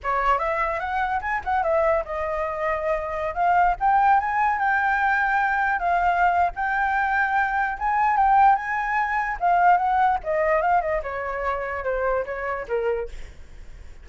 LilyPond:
\new Staff \with { instrumentName = "flute" } { \time 4/4 \tempo 4 = 147 cis''4 e''4 fis''4 gis''8 fis''8 | e''4 dis''2.~ | dis''16 f''4 g''4 gis''4 g''8.~ | g''2~ g''16 f''4.~ f''16 |
g''2. gis''4 | g''4 gis''2 f''4 | fis''4 dis''4 f''8 dis''8 cis''4~ | cis''4 c''4 cis''4 ais'4 | }